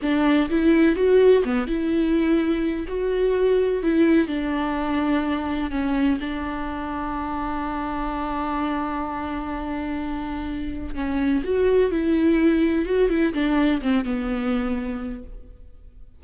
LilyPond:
\new Staff \with { instrumentName = "viola" } { \time 4/4 \tempo 4 = 126 d'4 e'4 fis'4 b8 e'8~ | e'2 fis'2 | e'4 d'2. | cis'4 d'2.~ |
d'1~ | d'2. cis'4 | fis'4 e'2 fis'8 e'8 | d'4 c'8 b2~ b8 | }